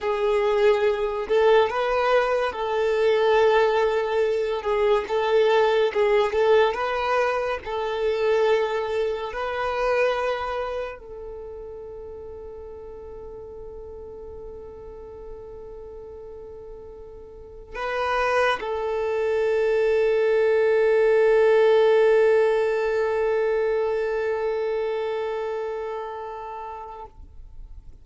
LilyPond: \new Staff \with { instrumentName = "violin" } { \time 4/4 \tempo 4 = 71 gis'4. a'8 b'4 a'4~ | a'4. gis'8 a'4 gis'8 a'8 | b'4 a'2 b'4~ | b'4 a'2.~ |
a'1~ | a'4 b'4 a'2~ | a'1~ | a'1 | }